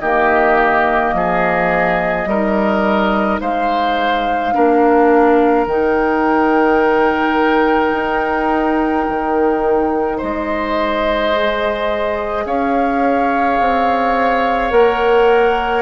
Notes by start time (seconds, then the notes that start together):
0.00 D#3 A#3 G4 D#5
1.13 F3 G#4
2.26 G3 D#4 A#4
3.41 G#3 C5 F5
4.53 A#3 D4 A#4
5.67 D#3 D#4 G5
7.93 D#4
9.08 D#3
10.17 G#3 C5 D#5
11.33 G#4
12.45 C#4 C#5 F5
13.60 C4
14.70 A#3 A#4 F#5